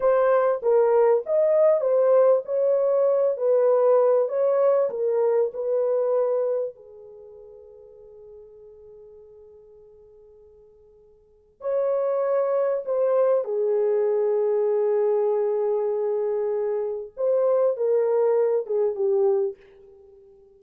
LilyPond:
\new Staff \with { instrumentName = "horn" } { \time 4/4 \tempo 4 = 98 c''4 ais'4 dis''4 c''4 | cis''4. b'4. cis''4 | ais'4 b'2 gis'4~ | gis'1~ |
gis'2. cis''4~ | cis''4 c''4 gis'2~ | gis'1 | c''4 ais'4. gis'8 g'4 | }